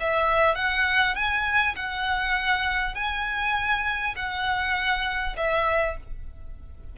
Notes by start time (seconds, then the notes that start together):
0.00 E5
0.55 F#5
1.15 G#5
1.76 F#5
2.95 G#5
4.16 F#5
5.37 E5